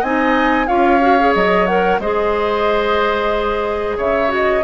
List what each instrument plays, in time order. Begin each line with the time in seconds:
0.00 bassoon C4, clarinet D#4, oboe D#5, flute G#5
0.66 bassoon C#4, clarinet F4, oboe C#5, flute F5
1.01 clarinet F#4
1.19 clarinet G#4
1.34 bassoon F#3, flute D#5
1.66 clarinet A#4, flute F#5
1.99 bassoon G#3, clarinet G#4, oboe C5, flute D#5
3.97 bassoon C#3, oboe C#5, flute E5
4.28 clarinet F#4
4.34 flute D#5